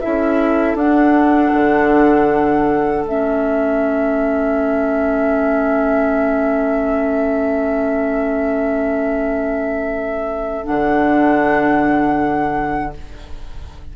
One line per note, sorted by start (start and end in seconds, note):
0.00 0.78 E4
0.00 12.93 A4
0.00 0.76 E5
0.06 0.75 C#4
0.75 1.50 D4
0.75 3.06 D4
0.75 3.05 F#5
1.53 3.03 D3
3.03 10.62 A3
3.03 10.64 C#4
3.03 10.66 E5
10.64 12.96 D3
10.64 12.92 D4
10.64 12.94 F#5